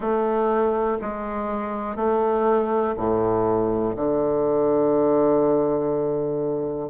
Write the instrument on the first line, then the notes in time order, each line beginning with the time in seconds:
bassoon
0.00 A3
1.01 G#3
1.95 A3
2.97 A2
3.96 D3